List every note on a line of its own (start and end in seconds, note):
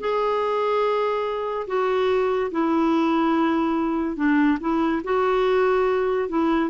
0.00 1.67 G#4
1.67 2.50 F#4
2.51 4.16 E4
4.16 4.58 D4
4.60 5.02 E4
5.04 6.29 F#4
6.29 6.70 E4